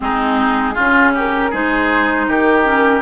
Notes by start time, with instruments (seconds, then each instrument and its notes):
0.00 bassoon G#3, clarinet C4, oboe D#4, flute G#4
0.73 bassoon C#3, clarinet C#4, oboe F4
1.14 oboe G4, flute A#4
1.50 bassoon G#3, clarinet D#4, oboe G#4, flute C5
2.27 bassoon D#3, oboe G4, flute A#4
2.64 clarinet C#4